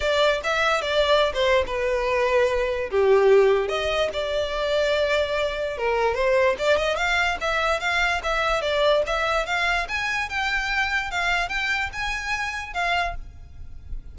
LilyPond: \new Staff \with { instrumentName = "violin" } { \time 4/4 \tempo 4 = 146 d''4 e''4 d''4~ d''16 c''8. | b'2. g'4~ | g'4 dis''4 d''2~ | d''2 ais'4 c''4 |
d''8 dis''8 f''4 e''4 f''4 | e''4 d''4 e''4 f''4 | gis''4 g''2 f''4 | g''4 gis''2 f''4 | }